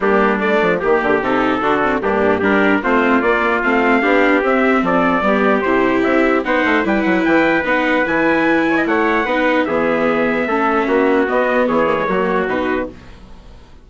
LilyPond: <<
  \new Staff \with { instrumentName = "trumpet" } { \time 4/4 \tempo 4 = 149 g'4 d''4 g'4 a'4~ | a'4 g'4 ais'4 c''4 | d''4 f''2 e''4 | d''2 c''4 e''4 |
fis''4 g''8 fis''8 g''4 fis''4 | gis''2 fis''2 | e''1 | dis''4 cis''2 b'4 | }
  \new Staff \with { instrumentName = "trumpet" } { \time 4/4 d'2 g'2 | fis'4 d'4 g'4 f'4~ | f'2 g'2 | a'4 g'2. |
c''4 b'2.~ | b'4. cis''16 dis''16 cis''4 b'4 | gis'2 a'4 fis'4~ | fis'4 gis'4 fis'2 | }
  \new Staff \with { instrumentName = "viola" } { \time 4/4 ais4 a4 ais4 dis'4 | d'8 c'8 ais4 d'4 c'4 | ais4 c'4 d'4 c'4~ | c'4 b4 e'2 |
dis'4 e'2 dis'4 | e'2. dis'4 | b2 cis'2 | b4. ais16 gis16 ais4 dis'4 | }
  \new Staff \with { instrumentName = "bassoon" } { \time 4/4 g4. f8 dis8 d8 c4 | d4 g,4 g4 a4 | ais4 a4 b4 c'4 | f4 g4 c4 c'4 |
b8 a8 g8 fis8 e4 b4 | e2 a4 b4 | e2 a4 ais4 | b4 e4 fis4 b,4 | }
>>